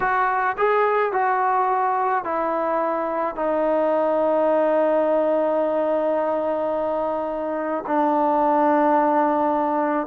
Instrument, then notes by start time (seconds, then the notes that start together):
trombone
0.00 F#4
0.57 G#4
1.12 F#4
2.24 E4
3.35 D#4
7.86 D4